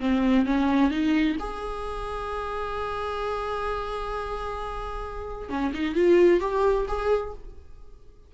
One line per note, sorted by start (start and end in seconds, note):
0.00 0.46 C4
0.46 0.91 C#4
0.91 1.36 D#4
1.39 5.49 G#4
5.49 5.72 C#4
5.74 5.95 D#4
5.95 6.40 F4
6.40 6.86 G4
6.88 7.33 G#4